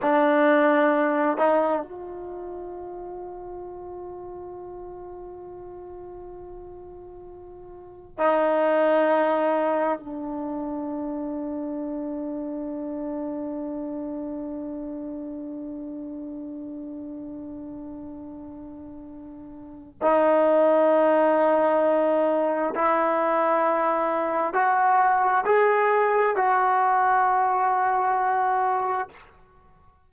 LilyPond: \new Staff \with { instrumentName = "trombone" } { \time 4/4 \tempo 4 = 66 d'4. dis'8 f'2~ | f'1~ | f'4 dis'2 d'4~ | d'1~ |
d'1~ | d'2 dis'2~ | dis'4 e'2 fis'4 | gis'4 fis'2. | }